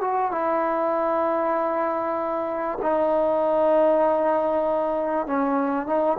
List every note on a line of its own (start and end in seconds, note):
0.00 0.31 F#4
0.31 2.78 E4
2.81 5.26 D#4
5.26 5.86 C#4
5.86 6.17 D#4